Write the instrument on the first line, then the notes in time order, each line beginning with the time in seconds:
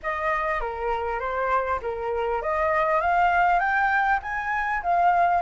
flute
0.02 D#5
0.60 A#4
1.19 C5
1.82 A#4
2.42 D#5
3.00 F5
3.59 G5
4.22 G#5
4.82 F5